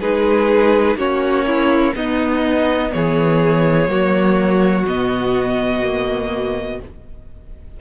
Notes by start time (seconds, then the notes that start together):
0.00 G#3 D#4 G#4 B4
0.96 A#3 C#4 F#4 C#5
1.47 E4
1.95 B3 D#4 D#5
2.92 E3 G#4 C#5
3.88 F#3 A#3 F#4
4.86 B2 B3 D#5
5.82 A#3